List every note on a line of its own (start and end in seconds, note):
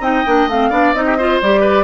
0.00 0.23 C4
0.00 0.25 D#4
0.00 0.70 D#5
0.00 0.49 G5
0.26 0.47 A#3
0.26 0.49 D4
0.47 0.70 A3
0.47 0.71 C4
0.47 0.94 F5
0.70 0.93 B3
0.70 0.94 D4
0.70 1.04 D5
0.93 1.40 C4
0.93 1.18 D#4
0.93 1.40 D#5
1.05 1.17 G4
1.18 1.42 F4
1.18 1.60 C5
1.41 1.84 G3
1.41 1.84 G4
1.41 1.84 D5
1.60 1.84 B4